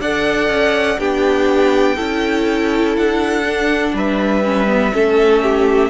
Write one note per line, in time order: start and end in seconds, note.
0.00 0.48 D4
0.00 0.98 A4
0.00 0.99 D5
0.00 0.99 F#5
0.48 0.97 C#4
0.98 1.97 B3
0.98 1.96 D4
0.98 1.96 G4
0.98 2.95 G5
1.96 2.97 C#4
1.96 3.43 E4
1.96 3.93 A4
2.96 3.93 D4
2.96 3.95 F#5
3.45 4.43 D4
3.93 4.92 G3
3.93 4.93 B4
3.93 5.90 E5
4.44 4.67 C#4
4.67 4.91 B3
4.92 5.90 A3
4.92 5.90 C#4
4.92 5.43 A4
5.43 5.90 G4